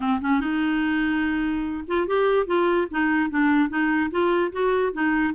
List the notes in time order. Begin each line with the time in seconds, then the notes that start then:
0.00 C4
0.21 C#4
0.40 D#4
1.87 F4
2.07 G4
2.46 F4
2.90 D#4
3.30 D4
3.69 D#4
4.10 F4
4.51 F#4
4.92 D#4